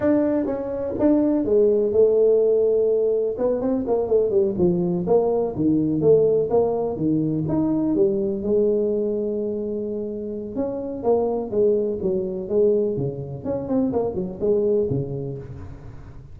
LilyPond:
\new Staff \with { instrumentName = "tuba" } { \time 4/4 \tempo 4 = 125 d'4 cis'4 d'4 gis4 | a2. b8 c'8 | ais8 a8 g8 f4 ais4 dis8~ | dis8 a4 ais4 dis4 dis'8~ |
dis'8 g4 gis2~ gis8~ | gis2 cis'4 ais4 | gis4 fis4 gis4 cis4 | cis'8 c'8 ais8 fis8 gis4 cis4 | }